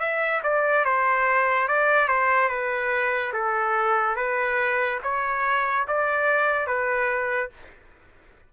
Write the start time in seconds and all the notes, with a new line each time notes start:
0.00 E5
0.44 D5
0.85 C5
1.69 D5
2.08 C5
2.49 B4
3.34 A4
4.16 B4
5.03 C#5
5.88 D5
6.67 B4